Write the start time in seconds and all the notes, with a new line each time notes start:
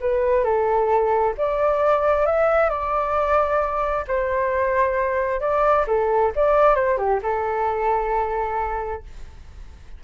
0.00 B4
0.44 A4
1.37 D5
2.26 E5
2.69 D5
4.07 C5
5.40 D5
5.87 A4
6.36 D5
6.75 C5
6.98 G4
7.23 A4